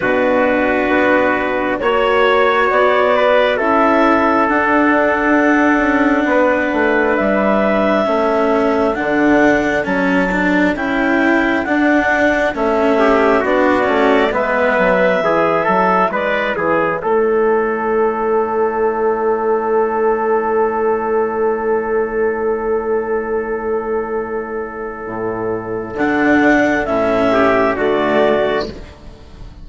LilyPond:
<<
  \new Staff \with { instrumentName = "clarinet" } { \time 4/4 \tempo 4 = 67 b'2 cis''4 d''4 | e''4 fis''2. | e''2 fis''4 a''4 | g''4 fis''4 e''4 d''4 |
e''2 d''8 cis''4.~ | cis''1~ | cis''1~ | cis''4 fis''4 e''4 d''4 | }
  \new Staff \with { instrumentName = "trumpet" } { \time 4/4 fis'2 cis''4. b'8 | a'2. b'4~ | b'4 a'2.~ | a'2~ a'8 g'8 fis'4 |
b'4 gis'8 a'8 b'8 gis'8 a'4~ | a'1~ | a'1~ | a'2~ a'8 g'8 fis'4 | }
  \new Staff \with { instrumentName = "cello" } { \time 4/4 d'2 fis'2 | e'4 d'2.~ | d'4 cis'4 d'4 cis'8 d'8 | e'4 d'4 cis'4 d'8 cis'8 |
b4 e'2.~ | e'1~ | e'1~ | e'4 d'4 cis'4 a4 | }
  \new Staff \with { instrumentName = "bassoon" } { \time 4/4 b,4 b4 ais4 b4 | cis'4 d'4. cis'8 b8 a8 | g4 a4 d4 fis4 | cis'4 d'4 a4 b8 a8 |
gis8 fis8 e8 fis8 gis8 e8 a4~ | a1~ | a1 | a,4 d4 a,4 d4 | }
>>